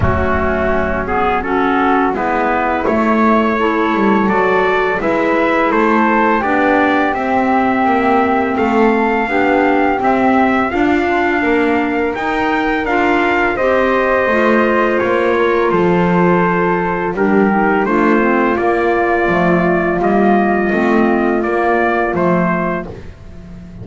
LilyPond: <<
  \new Staff \with { instrumentName = "trumpet" } { \time 4/4 \tempo 4 = 84 fis'4. gis'8 a'4 b'4 | cis''2 d''4 e''4 | c''4 d''4 e''2 | f''2 e''4 f''4~ |
f''4 g''4 f''4 dis''4~ | dis''4 cis''4 c''2 | ais'4 c''4 d''2 | dis''2 d''4 c''4 | }
  \new Staff \with { instrumentName = "flute" } { \time 4/4 cis'2 fis'4 e'4~ | e'4 a'2 b'4 | a'4 g'2. | a'4 g'2 f'4 |
ais'2. c''4~ | c''4. ais'8 a'2 | g'4 f'2.~ | f'1 | }
  \new Staff \with { instrumentName = "clarinet" } { \time 4/4 a4. b8 cis'4 b4 | a4 e'4 fis'4 e'4~ | e'4 d'4 c'2~ | c'4 d'4 c'4 d'4~ |
d'4 dis'4 f'4 g'4 | f'1 | d'8 dis'8 d'8 c'8 ais4 a4 | ais4 c'4 ais4 a4 | }
  \new Staff \with { instrumentName = "double bass" } { \time 4/4 fis2. gis4 | a4. g8 fis4 gis4 | a4 b4 c'4 ais4 | a4 b4 c'4 d'4 |
ais4 dis'4 d'4 c'4 | a4 ais4 f2 | g4 a4 ais4 f4 | g4 a4 ais4 f4 | }
>>